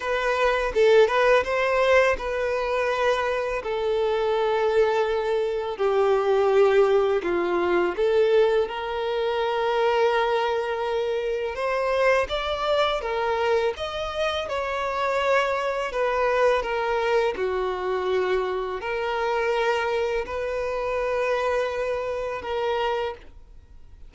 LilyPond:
\new Staff \with { instrumentName = "violin" } { \time 4/4 \tempo 4 = 83 b'4 a'8 b'8 c''4 b'4~ | b'4 a'2. | g'2 f'4 a'4 | ais'1 |
c''4 d''4 ais'4 dis''4 | cis''2 b'4 ais'4 | fis'2 ais'2 | b'2. ais'4 | }